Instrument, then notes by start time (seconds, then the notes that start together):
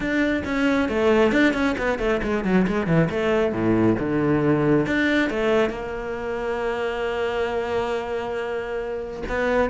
cello
0.00 D4
0.44 C#4
0.88 A3
1.32 D4
1.53 C#4
1.77 B3
1.98 A3
2.22 G#3
2.44 F#3
2.67 G#3
2.87 E3
3.10 A3
3.52 A2
3.99 D3
4.86 D4
5.30 A3
5.69 A#3
9.28 B3